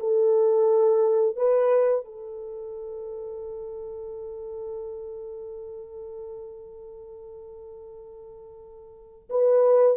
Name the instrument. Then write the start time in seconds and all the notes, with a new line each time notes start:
horn
0.00 A4
1.37 B4
2.05 A4
9.30 B4